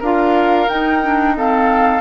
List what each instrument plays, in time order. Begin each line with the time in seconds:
0.00 bassoon D4, clarinet F4, oboe A#4, flute F5
0.68 clarinet D#4, bassoon D#4, flute G5
1.03 clarinet D4
1.36 clarinet C4, oboe A4, flute F5